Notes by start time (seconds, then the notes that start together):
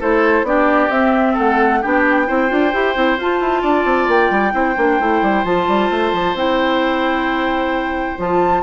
0.00 A3 E4 A4 C5
0.43 B3 D4 G4 D5
0.89 C4 E5
1.33 A3 A4 F#5
1.82 B3 D4 G4 G5
2.27 C4 E4 C5
2.48 D4 F4
2.73 E4 G4
2.94 C4 E4
3.18 F4 A5
3.41 E4
3.62 D4 D5
3.85 C4
4.08 A#3 G5
4.30 G3
4.52 C4 E4 C5
4.77 A#3 D4
5.00 A3 E4
5.22 G3
5.44 F3 F4 A5
5.68 G3
5.90 A3
6.13 F3
6.34 C4 E4 G5
8.18 F3 F4 A5